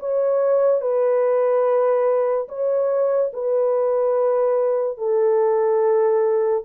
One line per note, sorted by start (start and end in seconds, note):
0.00 0.82 C#5
0.82 2.48 B4
2.49 3.32 C#5
3.34 4.98 B4
4.98 6.65 A4